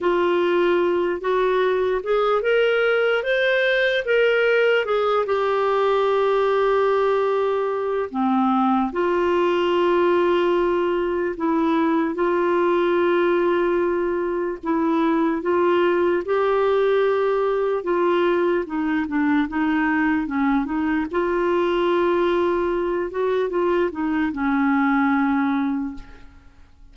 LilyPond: \new Staff \with { instrumentName = "clarinet" } { \time 4/4 \tempo 4 = 74 f'4. fis'4 gis'8 ais'4 | c''4 ais'4 gis'8 g'4.~ | g'2 c'4 f'4~ | f'2 e'4 f'4~ |
f'2 e'4 f'4 | g'2 f'4 dis'8 d'8 | dis'4 cis'8 dis'8 f'2~ | f'8 fis'8 f'8 dis'8 cis'2 | }